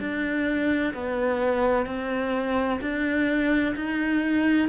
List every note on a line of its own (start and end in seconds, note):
0.00 0.94 D4
0.94 1.86 B3
1.86 2.80 C4
2.81 3.75 D4
3.76 4.68 D#4